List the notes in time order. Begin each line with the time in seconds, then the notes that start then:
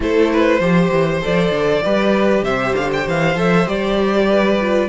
0.00 A3 E4 A4 C5
0.32 B4
0.59 F3 G4 C5
0.91 E3
1.21 F3 A4 D5
1.50 D3
1.83 G3 G4 B4
2.42 C3 C5 E5
2.75 D3 F5
2.92 G5
3.07 E3 F5
3.35 F3 A4 E5
3.65 G3 G4 D5
4.29 B4
4.60 F4